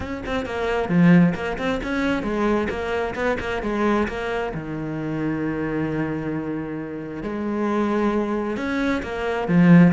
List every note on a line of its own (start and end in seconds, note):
0.00 0.23 C#4
0.26 0.45 C4
0.45 0.88 A#3
0.88 1.33 F3
1.35 1.57 A#3
1.58 1.80 C4
1.83 2.22 C#4
2.22 2.67 G#3
2.69 3.14 A#3
3.15 3.37 B3
3.39 3.62 A#3
3.62 4.07 G#3
4.07 4.53 A#3
4.54 7.22 D#3
7.22 8.56 G#3
8.56 9.01 C#4
9.02 9.47 A#3
9.47 9.92 F3